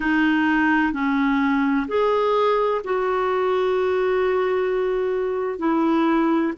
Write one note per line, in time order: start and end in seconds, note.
0.00 0.92 D#4
0.92 1.86 C#4
1.87 2.81 G#4
2.84 5.59 F#4
5.59 6.52 E4